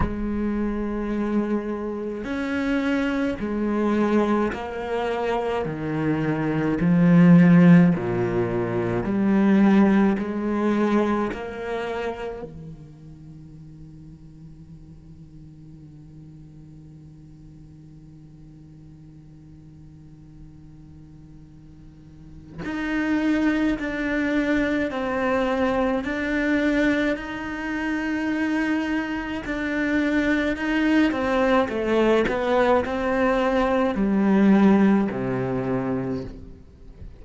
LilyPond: \new Staff \with { instrumentName = "cello" } { \time 4/4 \tempo 4 = 53 gis2 cis'4 gis4 | ais4 dis4 f4 ais,4 | g4 gis4 ais4 dis4~ | dis1~ |
dis1 | dis'4 d'4 c'4 d'4 | dis'2 d'4 dis'8 c'8 | a8 b8 c'4 g4 c4 | }